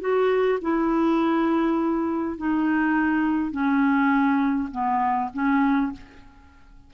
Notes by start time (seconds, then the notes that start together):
0.00 F#4
0.61 E4
2.37 D#4
3.51 C#4
4.71 B3
5.33 C#4